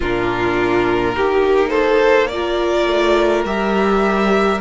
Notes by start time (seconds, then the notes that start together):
0.00 A#2 D4 F4 A#4
1.14 A#3 D#4 G4
1.69 A4 C5
2.27 F4 D5
2.33 A#4
2.87 A3
3.44 G3 G4 E5